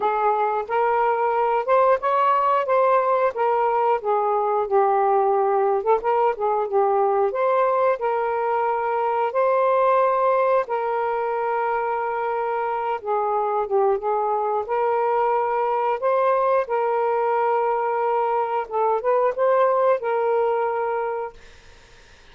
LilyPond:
\new Staff \with { instrumentName = "saxophone" } { \time 4/4 \tempo 4 = 90 gis'4 ais'4. c''8 cis''4 | c''4 ais'4 gis'4 g'4~ | g'8. a'16 ais'8 gis'8 g'4 c''4 | ais'2 c''2 |
ais'2.~ ais'8 gis'8~ | gis'8 g'8 gis'4 ais'2 | c''4 ais'2. | a'8 b'8 c''4 ais'2 | }